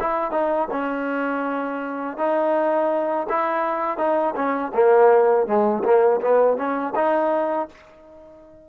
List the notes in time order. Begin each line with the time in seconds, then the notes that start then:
0.00 E4
0.31 D#4
0.71 C#4
2.18 D#4
3.29 E4
3.98 D#4
4.36 C#4
4.74 A#3
5.47 G#3
5.84 A#3
6.21 B3
6.57 C#4
6.95 D#4